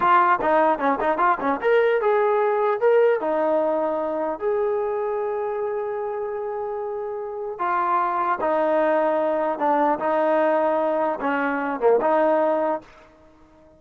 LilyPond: \new Staff \with { instrumentName = "trombone" } { \time 4/4 \tempo 4 = 150 f'4 dis'4 cis'8 dis'8 f'8 cis'8 | ais'4 gis'2 ais'4 | dis'2. gis'4~ | gis'1~ |
gis'2. f'4~ | f'4 dis'2. | d'4 dis'2. | cis'4. ais8 dis'2 | }